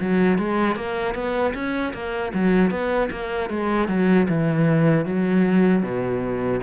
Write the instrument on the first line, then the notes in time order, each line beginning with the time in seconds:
cello
0.00 F#3
0.38 G#3
0.75 A#3
1.14 B3
1.54 C#4
1.93 A#3
2.34 F#3
2.70 B3
3.11 A#3
3.50 G#3
3.88 F#3
4.28 E3
5.05 F#3
5.82 B2